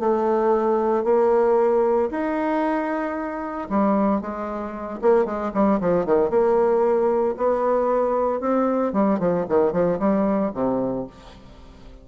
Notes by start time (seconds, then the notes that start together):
0.00 A3
1.05 A#3
2.11 D#4
3.70 G3
4.22 G#3
5.02 A#3
5.26 G#3
5.54 G3
5.81 F3
6.06 D#3
6.30 A#3
7.38 B3
8.41 C4
8.93 G3
9.20 F3
9.49 D#3
9.73 F3
10.00 G3
10.55 C3